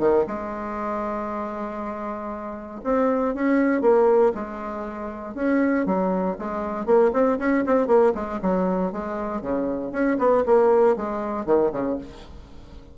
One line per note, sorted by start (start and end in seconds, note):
0.00 0.25 D#3
0.28 2.82 G#3
2.84 3.35 C4
3.35 3.82 C#4
3.82 4.33 A#3
4.35 5.35 G#3
5.35 5.86 C#4
5.86 6.37 F#3
6.39 6.86 G#3
6.86 7.12 A#3
7.13 7.39 C4
7.39 7.65 C#4
7.67 7.88 C4
7.88 8.13 A#3
8.15 8.40 G#3
8.42 8.93 F#3
8.93 9.42 G#3
9.42 9.92 C#3
9.92 10.18 C#4
10.19 10.44 B3
10.46 10.97 A#3
10.97 11.46 G#3
11.46 11.72 D#3
11.73 11.98 C#3